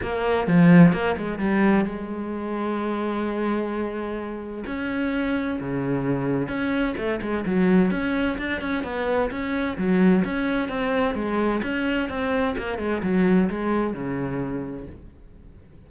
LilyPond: \new Staff \with { instrumentName = "cello" } { \time 4/4 \tempo 4 = 129 ais4 f4 ais8 gis8 g4 | gis1~ | gis2 cis'2 | cis2 cis'4 a8 gis8 |
fis4 cis'4 d'8 cis'8 b4 | cis'4 fis4 cis'4 c'4 | gis4 cis'4 c'4 ais8 gis8 | fis4 gis4 cis2 | }